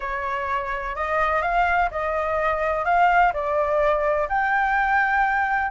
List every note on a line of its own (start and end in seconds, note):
0.00 0.95 C#5
0.95 1.42 D#5
1.42 1.89 F5
1.90 2.84 D#5
2.84 3.32 F5
3.33 4.28 D5
4.29 5.71 G5